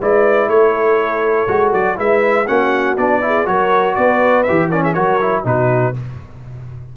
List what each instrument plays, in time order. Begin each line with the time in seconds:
0.00 tuba G#3, trombone E4, horn B4, trumpet D5
0.48 tuba A3, horn A4, trumpet C#5
1.48 tuba G#3, trombone F#4
1.73 tuba F#3, trumpet D5
1.96 tuba G#3, trombone E4, horn B4, trumpet E5
2.47 tuba A#3, trombone C#4, horn F#4, trumpet F#5
2.98 tuba B3, trombone D4, trumpet D5
3.21 trombone E4, horn G#4
3.46 tuba F#3, trombone F#4, horn A#4, trumpet C#5
3.95 tuba B3, horn B4, trumpet D5
4.43 trombone G4, trumpet E5
4.50 tuba E3
4.70 trombone C#4, horn A#4, trumpet D5
4.84 horn G#4, trumpet E5
4.94 tuba F#3, trombone F#4, horn A#4, trumpet C#5
5.21 trombone E4
5.45 tuba B2, trombone D#4, horn F#4, trumpet B4